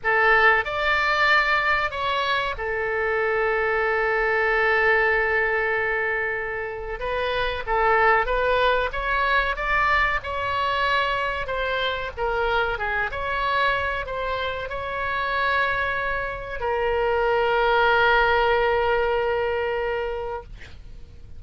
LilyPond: \new Staff \with { instrumentName = "oboe" } { \time 4/4 \tempo 4 = 94 a'4 d''2 cis''4 | a'1~ | a'2. b'4 | a'4 b'4 cis''4 d''4 |
cis''2 c''4 ais'4 | gis'8 cis''4. c''4 cis''4~ | cis''2 ais'2~ | ais'1 | }